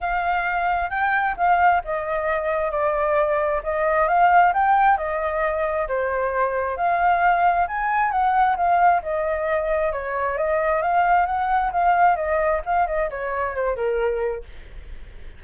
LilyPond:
\new Staff \with { instrumentName = "flute" } { \time 4/4 \tempo 4 = 133 f''2 g''4 f''4 | dis''2 d''2 | dis''4 f''4 g''4 dis''4~ | dis''4 c''2 f''4~ |
f''4 gis''4 fis''4 f''4 | dis''2 cis''4 dis''4 | f''4 fis''4 f''4 dis''4 | f''8 dis''8 cis''4 c''8 ais'4. | }